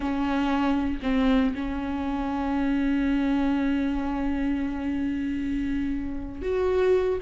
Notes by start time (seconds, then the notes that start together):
0.00 C#4
1.02 C4
1.54 C#4
6.41 F#4